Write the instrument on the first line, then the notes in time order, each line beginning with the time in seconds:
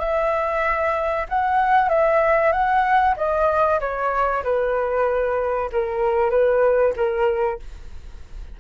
flute
0.00 E5
1.29 F#5
1.89 E5
2.52 F#5
3.17 D#5
3.80 C#5
4.44 B4
5.72 A#4
6.30 B4
6.97 A#4